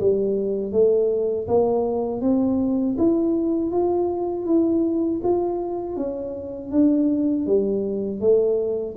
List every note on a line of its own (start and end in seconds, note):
0.00 0.72 G3
0.72 1.47 A3
1.48 2.22 A#3
2.22 2.97 C4
2.98 3.71 E4
3.71 4.46 F4
4.46 5.21 E4
5.24 5.97 F4
5.97 6.72 C#4
6.72 7.47 D4
7.47 8.21 G3
8.21 8.96 A3